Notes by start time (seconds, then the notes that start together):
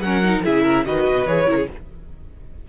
0.00 F#3 C#4 A#4 F#5
0.23 D#4
0.44 C#3 E4 G#4 E5
0.63 A#4
0.85 D#3 F#4 B4 D#5
1.07 B2
1.26 E3 G#4 C#5
1.45 C#3 E4 A#4
1.57 G#4